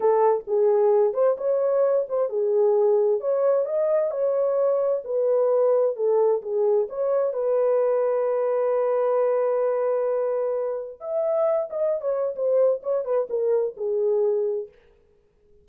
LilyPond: \new Staff \with { instrumentName = "horn" } { \time 4/4 \tempo 4 = 131 a'4 gis'4. c''8 cis''4~ | cis''8 c''8 gis'2 cis''4 | dis''4 cis''2 b'4~ | b'4 a'4 gis'4 cis''4 |
b'1~ | b'1 | e''4. dis''8. cis''8. c''4 | cis''8 b'8 ais'4 gis'2 | }